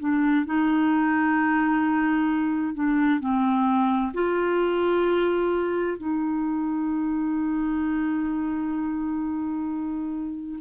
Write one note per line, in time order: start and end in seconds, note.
0.00 0.46 D4
0.46 2.74 D#4
2.74 3.20 D4
3.20 4.12 C4
4.14 5.98 F4
5.98 10.59 D#4